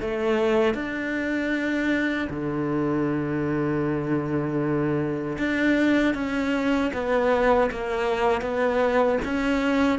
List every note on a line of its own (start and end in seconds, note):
0.00 0.74 A3
0.74 2.28 D4
2.29 5.37 D3
5.38 6.14 D4
6.14 6.91 C#4
6.93 7.70 B3
7.71 8.41 A#3
8.41 9.18 B3
9.24 9.99 C#4